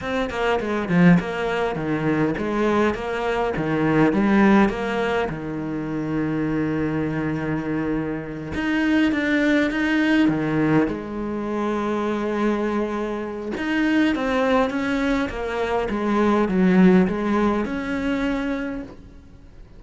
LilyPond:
\new Staff \with { instrumentName = "cello" } { \time 4/4 \tempo 4 = 102 c'8 ais8 gis8 f8 ais4 dis4 | gis4 ais4 dis4 g4 | ais4 dis2.~ | dis2~ dis8 dis'4 d'8~ |
d'8 dis'4 dis4 gis4.~ | gis2. dis'4 | c'4 cis'4 ais4 gis4 | fis4 gis4 cis'2 | }